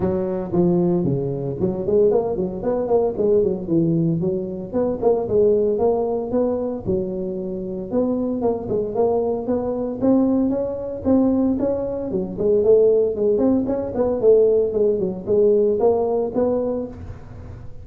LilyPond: \new Staff \with { instrumentName = "tuba" } { \time 4/4 \tempo 4 = 114 fis4 f4 cis4 fis8 gis8 | ais8 fis8 b8 ais8 gis8 fis8 e4 | fis4 b8 ais8 gis4 ais4 | b4 fis2 b4 |
ais8 gis8 ais4 b4 c'4 | cis'4 c'4 cis'4 fis8 gis8 | a4 gis8 c'8 cis'8 b8 a4 | gis8 fis8 gis4 ais4 b4 | }